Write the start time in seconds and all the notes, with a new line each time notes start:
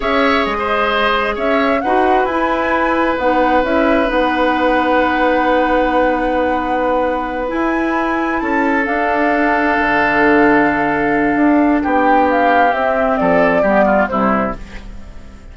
0.00 C#4 G#4 C#5 E5
0.44 G#3 D#5
0.58 C5
1.35 C#4 C#5 E5
1.81 D#4 F#4 B4 F#5
2.24 E4 G#5
3.18 B3 D#4 F#5
3.63 C#4 E4 E5
4.05 B3 D#4 F#5
7.47 E4 G#5
8.39 C#4 A4 A5
8.83 D4 F5
9.79 D3
11.35 D4
11.82 B3 G4 G5
12.29 F5
12.72 C4 E5
13.17 F3 A4 D5
13.62 G3 B3 G4
13.85 F4
14.07 C3 G3 E4 C5